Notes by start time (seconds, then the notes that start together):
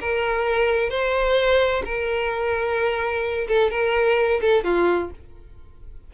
0.00 A#4
0.89 C5
1.85 A#4
3.48 A4
3.70 A#4
4.41 A4
4.64 F4